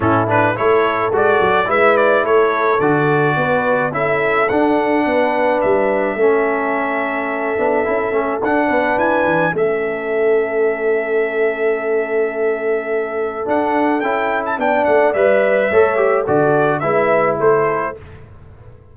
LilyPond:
<<
  \new Staff \with { instrumentName = "trumpet" } { \time 4/4 \tempo 4 = 107 a'8 b'8 cis''4 d''4 e''8 d''8 | cis''4 d''2 e''4 | fis''2 e''2~ | e''2. fis''4 |
gis''4 e''2.~ | e''1 | fis''4 g''8. a''16 g''8 fis''8 e''4~ | e''4 d''4 e''4 c''4 | }
  \new Staff \with { instrumentName = "horn" } { \time 4/4 e'4 a'2 b'4 | a'2 b'4 a'4~ | a'4 b'2 a'4~ | a'2.~ a'8 b'8~ |
b'4 a'2.~ | a'1~ | a'2 d''2 | cis''4 a'4 b'4 a'4 | }
  \new Staff \with { instrumentName = "trombone" } { \time 4/4 cis'8 d'8 e'4 fis'4 e'4~ | e'4 fis'2 e'4 | d'2. cis'4~ | cis'4. d'8 e'8 cis'8 d'4~ |
d'4 cis'2.~ | cis'1 | d'4 e'4 d'4 b'4 | a'8 g'8 fis'4 e'2 | }
  \new Staff \with { instrumentName = "tuba" } { \time 4/4 a,4 a4 gis8 fis8 gis4 | a4 d4 b4 cis'4 | d'4 b4 g4 a4~ | a4. b8 cis'8 a8 d'8 b8 |
e'8 e8 a2.~ | a1 | d'4 cis'4 b8 a8 g4 | a4 d4 gis4 a4 | }
>>